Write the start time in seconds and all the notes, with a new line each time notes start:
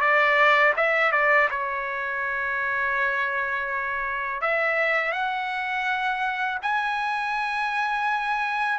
0.00 D5
0.76 E5
1.11 D5
1.50 C#5
4.41 E5
5.12 F#5
6.62 G#5